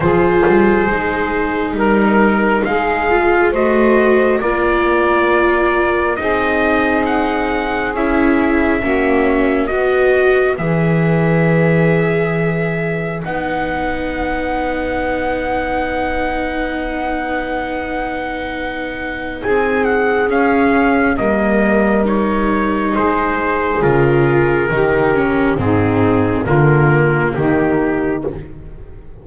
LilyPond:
<<
  \new Staff \with { instrumentName = "trumpet" } { \time 4/4 \tempo 4 = 68 c''2 ais'4 f''4 | dis''4 d''2 dis''4 | fis''4 e''2 dis''4 | e''2. fis''4~ |
fis''1~ | fis''2 gis''8 fis''8 f''4 | dis''4 cis''4 c''4 ais'4~ | ais'4 gis'4 ais'4 g'4 | }
  \new Staff \with { instrumentName = "saxophone" } { \time 4/4 gis'2 ais'4 gis'4 | c''4 ais'2 gis'4~ | gis'2 fis'4 b'4~ | b'1~ |
b'1~ | b'2 gis'2 | ais'2 gis'2 | g'4 dis'4 f'4 dis'4 | }
  \new Staff \with { instrumentName = "viola" } { \time 4/4 f'4 dis'2~ dis'8 f'8 | fis'4 f'2 dis'4~ | dis'4 e'4 cis'4 fis'4 | gis'2. dis'4~ |
dis'1~ | dis'2. cis'4 | ais4 dis'2 f'4 | dis'8 cis'8 c'4 ais2 | }
  \new Staff \with { instrumentName = "double bass" } { \time 4/4 f8 g8 gis4 g4 gis4 | a4 ais2 c'4~ | c'4 cis'4 ais4 b4 | e2. b4~ |
b1~ | b2 c'4 cis'4 | g2 gis4 cis4 | dis4 gis,4 d4 dis4 | }
>>